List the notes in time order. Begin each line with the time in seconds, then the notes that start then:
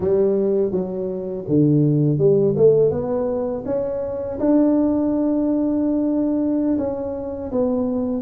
0.00 G3
0.71 F#3
1.48 D3
2.18 G3
2.56 A3
2.91 B3
3.66 C#4
4.39 D4
6.77 C#4
7.51 B3